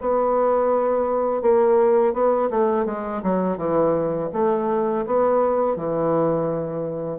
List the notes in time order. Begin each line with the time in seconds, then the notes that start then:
0.00 B3
1.42 A#3
2.13 B3
2.50 A3
2.85 G#3
3.23 F#3
3.57 E3
4.33 A3
5.06 B3
5.76 E3